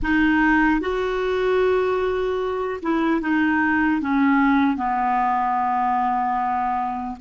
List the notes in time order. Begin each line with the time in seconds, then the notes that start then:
0.02 D#4
0.80 F#4
2.82 E4
3.21 D#4
4.01 C#4
4.76 B3